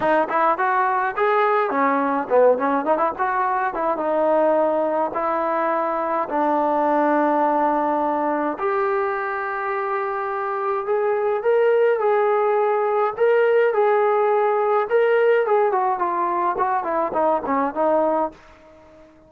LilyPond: \new Staff \with { instrumentName = "trombone" } { \time 4/4 \tempo 4 = 105 dis'8 e'8 fis'4 gis'4 cis'4 | b8 cis'8 dis'16 e'16 fis'4 e'8 dis'4~ | dis'4 e'2 d'4~ | d'2. g'4~ |
g'2. gis'4 | ais'4 gis'2 ais'4 | gis'2 ais'4 gis'8 fis'8 | f'4 fis'8 e'8 dis'8 cis'8 dis'4 | }